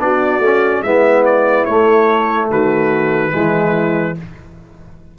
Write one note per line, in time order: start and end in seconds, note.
0.00 0.39 B3
0.00 0.42 D4
0.00 0.85 F#4
0.00 0.83 D5
0.39 0.81 A3
0.39 0.86 C#4
0.82 1.65 G#3
0.82 1.69 B3
0.82 2.51 E4
0.82 1.24 E5
1.26 1.65 D5
1.65 3.32 A3
1.65 2.49 A3
1.65 2.49 C#5
2.49 3.33 D#3
2.49 3.34 F#4
2.49 4.19 B4
3.32 4.19 E3
3.32 4.15 G#3
3.32 4.18 E4